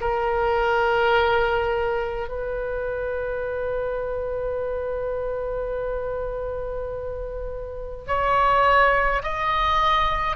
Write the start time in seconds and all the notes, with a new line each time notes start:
0.00 A#4
2.28 B4
8.07 C#5
9.22 D#5